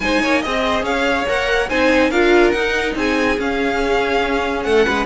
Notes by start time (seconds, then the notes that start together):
0.00 G#3 D#4 C5 G#5
0.22 A#3 C#5
0.41 C4 G#4 D#5
0.63 C5
0.82 C#4 C#5 F5
1.27 A#3 A#4 F#5
1.68 C4 D#4 C5 G#5
2.10 D4 F4 A#4 F5
2.51 D#4 F#5
2.95 C4 G#4 G#5
3.38 C#4 F5
4.63 A3 A4 F#5
4.85 G#3 B4